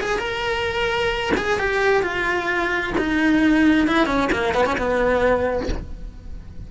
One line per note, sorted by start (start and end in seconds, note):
0.00 0.18 G#4
0.18 1.32 A#4
1.37 1.58 G#4
1.58 2.02 G4
2.02 2.93 F4
2.97 3.87 D#4
3.87 4.06 E4
4.06 4.29 C#4
4.32 4.54 A#3
4.54 4.65 B3
4.65 4.77 C#4
4.77 5.68 B3